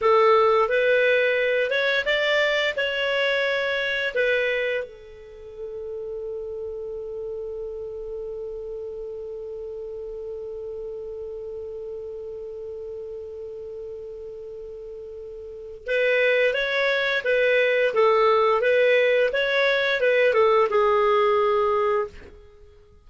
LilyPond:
\new Staff \with { instrumentName = "clarinet" } { \time 4/4 \tempo 4 = 87 a'4 b'4. cis''8 d''4 | cis''2 b'4 a'4~ | a'1~ | a'1~ |
a'1~ | a'2. b'4 | cis''4 b'4 a'4 b'4 | cis''4 b'8 a'8 gis'2 | }